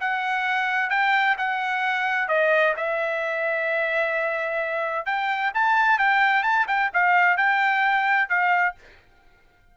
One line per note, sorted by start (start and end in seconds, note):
0.00 0.90 F#5
0.90 1.36 G5
1.38 2.28 F#5
2.28 2.74 D#5
2.77 5.06 E5
5.06 5.52 G5
5.54 5.99 A5
5.99 6.43 G5
6.43 6.66 A5
6.67 6.90 G5
6.93 7.37 F5
7.37 8.29 G5
8.29 8.75 F5